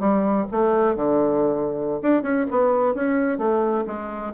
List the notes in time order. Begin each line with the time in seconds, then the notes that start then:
0.00 G3
0.52 A3
0.96 D3
2.03 D4
2.23 C#4
2.51 B3
2.95 C#4
3.39 A3
3.88 G#3